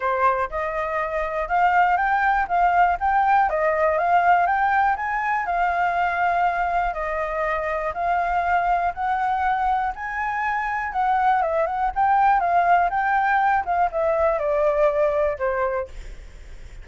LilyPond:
\new Staff \with { instrumentName = "flute" } { \time 4/4 \tempo 4 = 121 c''4 dis''2 f''4 | g''4 f''4 g''4 dis''4 | f''4 g''4 gis''4 f''4~ | f''2 dis''2 |
f''2 fis''2 | gis''2 fis''4 e''8 fis''8 | g''4 f''4 g''4. f''8 | e''4 d''2 c''4 | }